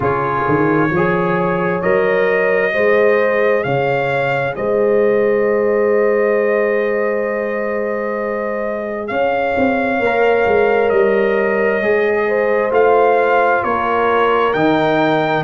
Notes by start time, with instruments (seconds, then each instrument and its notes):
0.00 tuba C#3, trombone F4, horn G#4, trumpet C#5
0.48 tuba D#3
0.91 tuba F3, trombone G#4, horn C#5
1.81 tuba F#3, trombone A#4, trumpet D#5
2.71 tuba G#3, trombone G#4, horn C5
3.63 tuba C#3, horn C#5, trumpet F5
4.55 tuba G#3, horn C5, trumpet D#5
9.07 tuba C#4, horn C#5, trumpet F5
9.57 tuba C4
9.99 tuba A#3, trombone A#4
10.46 tuba G#3
10.89 tuba G3, trumpet D#5
11.82 tuba G#3, trombone G#4
12.27 horn C5
12.70 tuba A3, trombone F4, trumpet F5
13.63 tuba A#3, horn A#4, trumpet C#5
14.53 tuba D#3, trombone D#4, trumpet G5